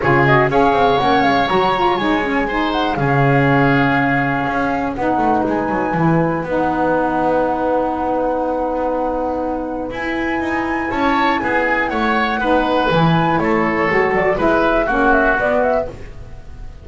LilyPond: <<
  \new Staff \with { instrumentName = "flute" } { \time 4/4 \tempo 4 = 121 cis''8 dis''8 f''4 fis''8 f''8 ais''4 | gis''4. fis''8 f''2~ | f''2 fis''4 gis''4~ | gis''4 fis''2.~ |
fis''1 | gis''2 a''4 gis''4 | fis''2 gis''4 cis''4~ | cis''8 d''8 e''4 fis''8 e''8 d''8 e''8 | }
  \new Staff \with { instrumentName = "oboe" } { \time 4/4 gis'4 cis''2.~ | cis''4 c''4 gis'2~ | gis'2 b'2~ | b'1~ |
b'1~ | b'2 cis''4 gis'4 | cis''4 b'2 a'4~ | a'4 b'4 fis'2 | }
  \new Staff \with { instrumentName = "saxophone" } { \time 4/4 f'8 fis'8 gis'4 cis'4 fis'8 f'8 | dis'8 cis'8 dis'4 cis'2~ | cis'2 dis'2 | e'4 dis'2.~ |
dis'1 | e'1~ | e'4 dis'4 e'2 | fis'4 e'4 cis'4 b4 | }
  \new Staff \with { instrumentName = "double bass" } { \time 4/4 cis4 cis'8 c'8 ais8 gis8 fis4 | gis2 cis2~ | cis4 cis'4 b8 a8 gis8 fis8 | e4 b2.~ |
b1 | e'4 dis'4 cis'4 b4 | a4 b4 e4 a4 | gis8 fis8 gis4 ais4 b4 | }
>>